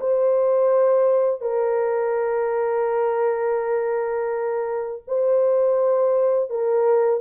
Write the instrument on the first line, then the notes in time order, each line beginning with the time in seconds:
horn
0.00 C5
1.41 A#4
5.07 C5
6.50 A#4